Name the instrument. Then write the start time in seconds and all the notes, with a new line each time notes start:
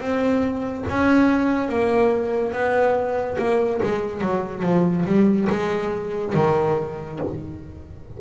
double bass
0.00 C4
0.89 C#4
1.69 A#3
2.52 B3
3.38 A#3
3.83 G#3
4.21 F#3
4.62 F3
5.06 G3
5.49 G#3
6.35 D#3